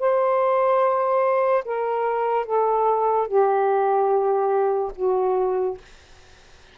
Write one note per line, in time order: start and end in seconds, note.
0.00 1.64 C5
1.65 2.46 A#4
2.46 3.28 A4
3.28 4.93 G4
4.96 5.78 F#4